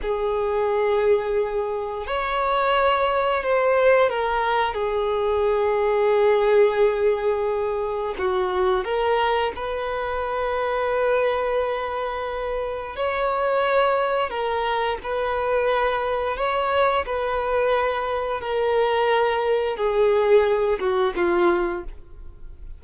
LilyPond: \new Staff \with { instrumentName = "violin" } { \time 4/4 \tempo 4 = 88 gis'2. cis''4~ | cis''4 c''4 ais'4 gis'4~ | gis'1 | fis'4 ais'4 b'2~ |
b'2. cis''4~ | cis''4 ais'4 b'2 | cis''4 b'2 ais'4~ | ais'4 gis'4. fis'8 f'4 | }